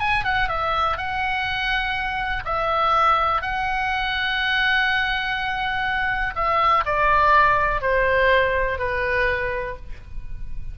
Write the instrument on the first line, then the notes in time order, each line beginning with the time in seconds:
oboe
0.00 G#5
0.25 F#5
0.49 E5
0.98 F#5
2.45 E5
3.42 F#5
6.36 E5
6.86 D5
7.82 C5
8.79 B4